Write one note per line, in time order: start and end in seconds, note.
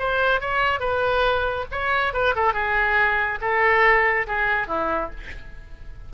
0.00 0.41 C5
0.41 0.80 C#5
0.80 1.66 B4
1.72 2.14 C#5
2.14 2.35 B4
2.36 2.54 A4
2.54 3.40 G#4
3.41 4.27 A4
4.27 4.68 G#4
4.68 5.11 E4